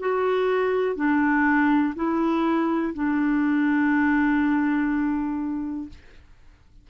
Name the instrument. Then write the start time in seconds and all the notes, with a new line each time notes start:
clarinet
0.00 F#4
0.96 D4
1.96 E4
2.95 D4